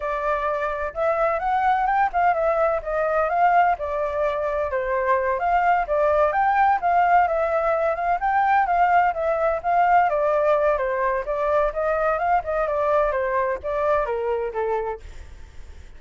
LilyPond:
\new Staff \with { instrumentName = "flute" } { \time 4/4 \tempo 4 = 128 d''2 e''4 fis''4 | g''8 f''8 e''4 dis''4 f''4 | d''2 c''4. f''8~ | f''8 d''4 g''4 f''4 e''8~ |
e''4 f''8 g''4 f''4 e''8~ | e''8 f''4 d''4. c''4 | d''4 dis''4 f''8 dis''8 d''4 | c''4 d''4 ais'4 a'4 | }